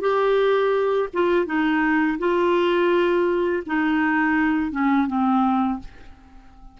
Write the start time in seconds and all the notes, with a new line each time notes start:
0.00 G4
1.13 F4
1.45 D#4
2.18 F4
3.66 D#4
4.71 C#4
5.07 C4